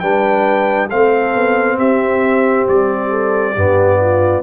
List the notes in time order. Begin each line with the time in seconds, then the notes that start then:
0.00 G3 D4 B4 G5
0.90 A3 C4 A4 F5
1.35 B3
1.78 C4 G4 E5
2.69 G3 D5
3.10 A4
3.55 G2 B3 G4
4.01 F4